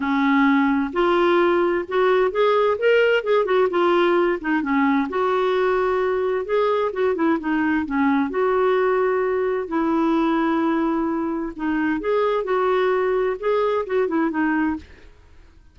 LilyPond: \new Staff \with { instrumentName = "clarinet" } { \time 4/4 \tempo 4 = 130 cis'2 f'2 | fis'4 gis'4 ais'4 gis'8 fis'8 | f'4. dis'8 cis'4 fis'4~ | fis'2 gis'4 fis'8 e'8 |
dis'4 cis'4 fis'2~ | fis'4 e'2.~ | e'4 dis'4 gis'4 fis'4~ | fis'4 gis'4 fis'8 e'8 dis'4 | }